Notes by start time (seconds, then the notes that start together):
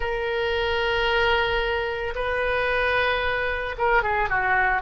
0.00 A#4
2.15 B4
3.78 A#4
4.02 G#4
4.29 F#4